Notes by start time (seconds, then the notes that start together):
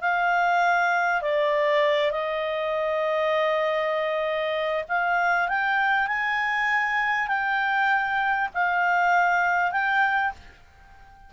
0.00 F5
1.21 D5
2.11 D#5
4.88 F5
5.48 G5
6.07 G#5
7.27 G5
8.54 F5
9.71 G5